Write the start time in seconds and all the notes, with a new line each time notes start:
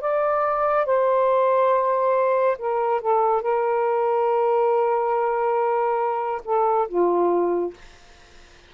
0.00 D5
0.85 C5
2.58 A#4
3.00 A4
3.41 A#4
6.44 A4
6.88 F4